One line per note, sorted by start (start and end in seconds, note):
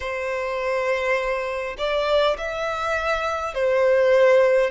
0.00 1.76 C5
1.78 2.36 D5
2.37 3.54 E5
3.54 4.70 C5